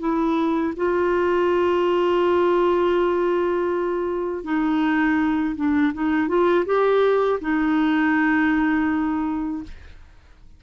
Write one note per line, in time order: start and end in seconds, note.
0.00 0.74 E4
0.76 4.44 F4
4.44 5.55 D#4
5.56 5.93 D4
5.94 6.28 D#4
6.28 6.65 F4
6.66 7.40 G4
7.41 9.63 D#4